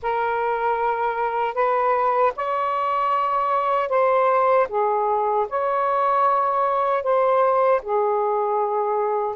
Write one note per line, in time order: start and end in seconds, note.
0.02 1.54 A#4
1.54 2.32 B4
2.36 3.89 C#5
3.89 4.67 C5
4.69 5.47 G#4
5.49 7.03 C#5
7.03 7.81 C5
7.82 9.35 G#4